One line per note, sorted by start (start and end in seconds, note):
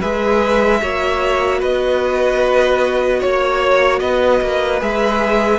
0.00 0.82 G#3
0.00 0.82 G#4
0.00 0.80 B4
0.00 1.61 E5
0.81 1.62 A#3
0.81 4.80 F#4
0.81 1.60 C#5
1.60 3.22 B3
1.60 3.19 B4
1.60 3.22 D#5
3.19 4.01 A#3
3.19 3.99 C#5
3.99 4.41 B3
3.99 5.59 B4
3.99 4.79 D#5
4.42 4.81 A#3
4.80 5.59 G#3
4.80 5.59 G#4
4.80 5.59 E5